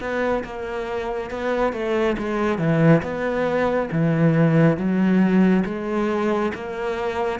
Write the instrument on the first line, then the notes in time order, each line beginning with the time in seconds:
cello
0.00 B3
0.44 A#3
1.30 B3
1.73 A3
2.18 G#3
2.58 E3
3.02 B3
3.92 E3
4.77 F#3
5.65 G#3
6.54 A#3